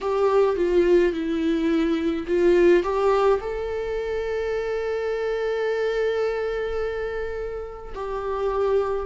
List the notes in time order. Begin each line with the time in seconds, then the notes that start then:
0.00 G4
0.56 F4
1.12 E4
2.27 F4
2.83 G4
3.40 A4
7.94 G4